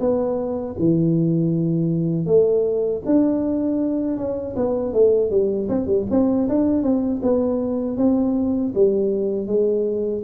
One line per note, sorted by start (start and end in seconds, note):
0.00 0.76 B3
0.79 2.26 E3
2.26 3.02 A3
3.06 4.18 D4
4.18 4.56 C#4
4.56 4.94 B3
4.94 5.31 A3
5.31 5.69 G3
5.69 5.87 C4
5.87 6.06 G3
6.10 6.48 C4
6.49 6.83 D4
6.83 7.21 C4
7.23 7.97 B3
7.97 8.73 C4
8.75 9.47 G3
9.47 10.23 G#3